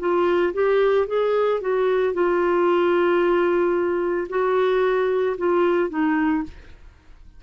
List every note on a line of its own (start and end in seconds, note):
0.00 0.54 F4
0.54 1.08 G4
1.08 1.61 G#4
1.61 2.14 F#4
2.14 4.28 F4
4.30 5.37 F#4
5.38 5.90 F4
5.90 6.43 D#4